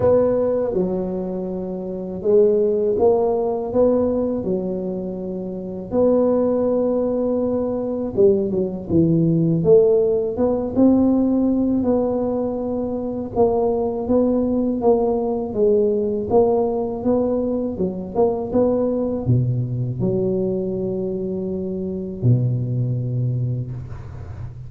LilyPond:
\new Staff \with { instrumentName = "tuba" } { \time 4/4 \tempo 4 = 81 b4 fis2 gis4 | ais4 b4 fis2 | b2. g8 fis8 | e4 a4 b8 c'4. |
b2 ais4 b4 | ais4 gis4 ais4 b4 | fis8 ais8 b4 b,4 fis4~ | fis2 b,2 | }